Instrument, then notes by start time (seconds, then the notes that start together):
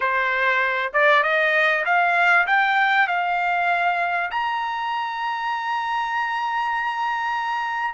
trumpet
0.00 C5
0.93 D5
1.23 D#5
1.85 F5
2.46 G5
3.08 F5
4.31 A#5